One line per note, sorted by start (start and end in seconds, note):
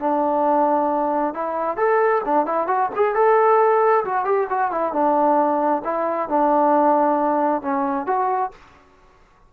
0.00 1.34 D4
1.35 1.77 E4
1.77 2.22 A4
2.25 2.46 D4
2.46 2.68 E4
2.68 2.90 F#4
2.96 3.15 G#4
3.15 4.05 A4
4.05 4.25 F#4
4.25 4.48 G4
4.50 4.71 F#4
4.71 4.93 E4
4.93 5.83 D4
5.85 6.29 E4
6.29 7.62 D4
7.62 8.07 C#4
8.07 8.52 F#4